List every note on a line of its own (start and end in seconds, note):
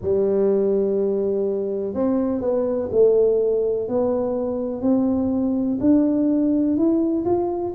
0.01 1.94 G3
1.94 2.40 C4
2.40 2.89 B3
2.91 3.88 A3
3.88 4.81 B3
4.81 5.78 C4
5.80 6.76 D4
6.76 7.24 E4
7.25 7.73 F4